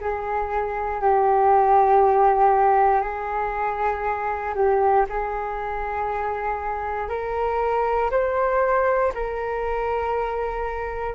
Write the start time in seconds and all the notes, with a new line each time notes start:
0.00 G#4
1.01 G4
3.01 G#4
4.54 G4
5.09 G#4
7.08 A#4
8.10 C5
9.14 A#4